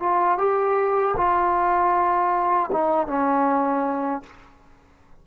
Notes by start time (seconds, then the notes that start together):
0.00 F4
0.38 G4
1.17 F4
2.72 D#4
3.08 C#4